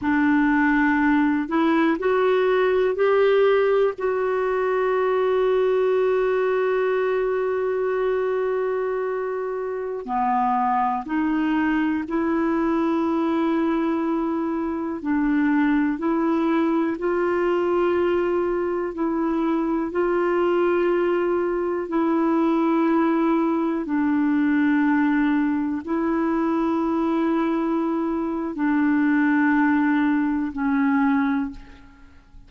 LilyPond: \new Staff \with { instrumentName = "clarinet" } { \time 4/4 \tempo 4 = 61 d'4. e'8 fis'4 g'4 | fis'1~ | fis'2~ fis'16 b4 dis'8.~ | dis'16 e'2. d'8.~ |
d'16 e'4 f'2 e'8.~ | e'16 f'2 e'4.~ e'16~ | e'16 d'2 e'4.~ e'16~ | e'4 d'2 cis'4 | }